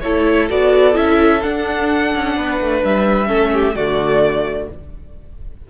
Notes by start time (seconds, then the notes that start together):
0.00 A3 E4 A4 C#5
0.50 B3 F#4 D5
0.94 C#4 E4 E5
1.43 D4 F#5
2.14 C#4
2.36 B3 B4
2.60 A3
2.84 G3 E5
3.27 A3 C#4 A4
3.53 G4
3.75 D3 A3 F#4 D5